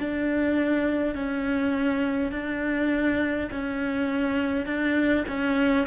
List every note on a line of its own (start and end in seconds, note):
0.00 1.15 D4
1.15 2.32 C#4
2.32 3.50 D4
3.51 4.66 C#4
4.66 5.25 D4
5.28 5.87 C#4